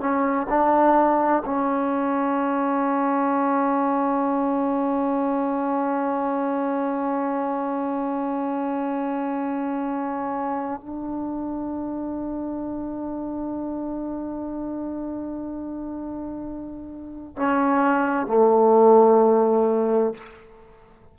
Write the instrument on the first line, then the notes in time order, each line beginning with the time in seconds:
trombone
0.00 C#4
0.49 D4
1.45 C#4
10.81 D4
17.37 C#4
18.26 A3